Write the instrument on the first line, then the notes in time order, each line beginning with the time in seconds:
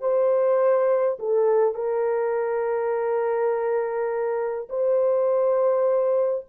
horn
0.00 C5
1.19 A4
1.74 A#4
4.69 C5